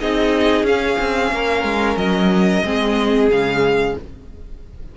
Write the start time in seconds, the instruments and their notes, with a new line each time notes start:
0.00 cello C4, viola D#4, violin G#4 D#5
0.63 cello C#4, viola C#4, violin F5
0.99 cello C4
1.32 cello A#3, violin A#4
1.63 cello G#3
1.96 cello F#3, violin D#5
2.64 cello G#3, viola C4, violin G#4
3.29 cello C#3, viola G#3, violin F5